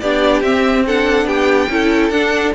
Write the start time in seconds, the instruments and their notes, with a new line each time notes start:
0.00 cello B3, viola D4, violin G4 D5
0.42 cello C4, viola C4, violin E5
0.86 viola D4, violin A4 F#5
1.26 cello B3, violin G4 G5
1.69 cello C#4, viola E4, violin A4
2.10 cello D4, viola D4, violin F#5